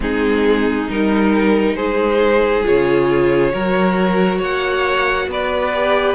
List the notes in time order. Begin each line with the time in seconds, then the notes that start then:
0.00 G#3 C4 D#4 G#4
0.87 G3 D#4 A#4
1.75 G#3 G#4 C5
2.63 C#3 F4 C#5
3.51 F#3 F#4 A#4
4.38 A#3 C#5 F#5
5.27 B3 B4 D5
5.73 G4